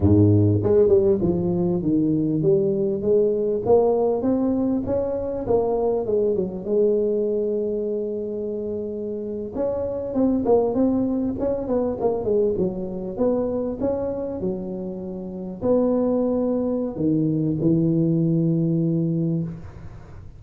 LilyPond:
\new Staff \with { instrumentName = "tuba" } { \time 4/4 \tempo 4 = 99 gis,4 gis8 g8 f4 dis4 | g4 gis4 ais4 c'4 | cis'4 ais4 gis8 fis8 gis4~ | gis2.~ gis8. cis'16~ |
cis'8. c'8 ais8 c'4 cis'8 b8 ais16~ | ais16 gis8 fis4 b4 cis'4 fis16~ | fis4.~ fis16 b2~ b16 | dis4 e2. | }